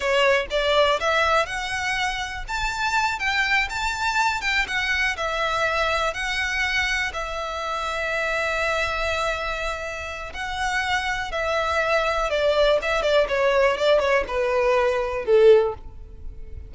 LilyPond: \new Staff \with { instrumentName = "violin" } { \time 4/4 \tempo 4 = 122 cis''4 d''4 e''4 fis''4~ | fis''4 a''4. g''4 a''8~ | a''4 g''8 fis''4 e''4.~ | e''8 fis''2 e''4.~ |
e''1~ | e''4 fis''2 e''4~ | e''4 d''4 e''8 d''8 cis''4 | d''8 cis''8 b'2 a'4 | }